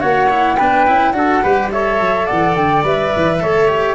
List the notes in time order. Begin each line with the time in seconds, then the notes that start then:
0.00 A#3 F#4 C#5 F#5
0.29 E4
0.56 B3 D4 B4 G5
0.87 C#4 E4
1.12 D4 F#4 A4 F#5
1.42 G3 G4 B4
1.71 A4 C#5 E5
2.00 F#3
2.26 E3 D5 F#5
2.56 D3 G5
2.83 G3 B4 E5
3.16 E3
3.40 A3 A4 C#5
3.68 G4